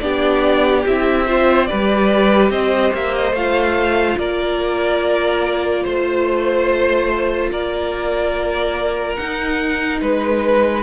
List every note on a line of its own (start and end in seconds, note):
0.00 0.85 B3
0.00 0.85 D4
0.00 1.26 G4
0.00 0.83 D5
0.86 1.70 C4
0.86 1.27 E4
0.86 1.65 E5
1.26 1.68 F4
1.26 1.68 C5
1.65 3.35 G4
1.65 2.51 B4
1.65 2.49 D5
1.72 2.50 G3
2.50 2.91 C4
2.50 4.18 C5
2.50 2.93 D#5
2.93 3.32 A#3
2.93 3.15 E5
3.15 3.35 D#5
3.32 4.15 A3
3.32 9.18 F4
3.32 4.18 F5
4.18 5.85 A#3
4.18 5.83 A#4
4.18 5.85 D5
5.83 7.51 A3
5.83 7.50 C5
5.83 7.51 C5
7.51 9.18 A#3
7.51 10.01 A#4
7.51 9.16 D5
9.16 10.83 D#4
9.16 10.01 D#4
9.16 9.99 F#5
10.01 10.83 G#3
10.01 10.83 B4